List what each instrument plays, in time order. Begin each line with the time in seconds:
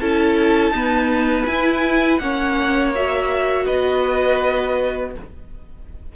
0.00 cello C#4, viola E4, violin A4 A5
0.71 viola B3, cello D#4, violin B4
1.45 cello E4, viola E4, violin G#5
2.18 cello A#3, viola C#4, violin C#5 F#5
2.95 viola F#4, violin E5
3.65 cello B3, violin B4 D#5